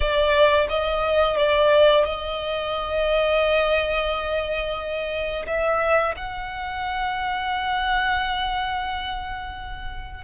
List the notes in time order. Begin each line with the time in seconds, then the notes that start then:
0.00 D5
0.68 D#5
1.36 D5
2.05 D#5
5.46 E5
6.16 F#5